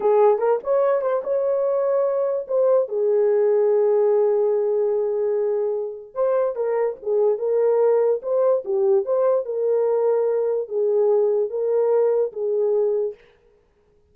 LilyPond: \new Staff \with { instrumentName = "horn" } { \time 4/4 \tempo 4 = 146 gis'4 ais'8 cis''4 c''8 cis''4~ | cis''2 c''4 gis'4~ | gis'1~ | gis'2. c''4 |
ais'4 gis'4 ais'2 | c''4 g'4 c''4 ais'4~ | ais'2 gis'2 | ais'2 gis'2 | }